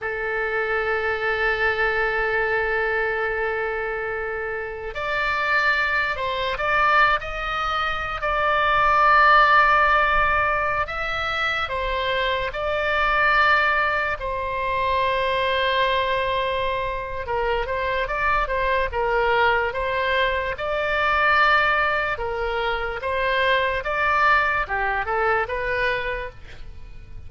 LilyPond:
\new Staff \with { instrumentName = "oboe" } { \time 4/4 \tempo 4 = 73 a'1~ | a'2 d''4. c''8 | d''8. dis''4~ dis''16 d''2~ | d''4~ d''16 e''4 c''4 d''8.~ |
d''4~ d''16 c''2~ c''8.~ | c''4 ais'8 c''8 d''8 c''8 ais'4 | c''4 d''2 ais'4 | c''4 d''4 g'8 a'8 b'4 | }